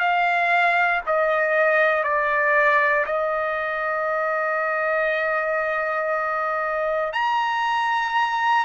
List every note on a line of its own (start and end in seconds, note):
0.00 1.02 F5
1.07 2.04 D#5
2.04 3.06 D5
3.06 7.13 D#5
7.13 8.66 A#5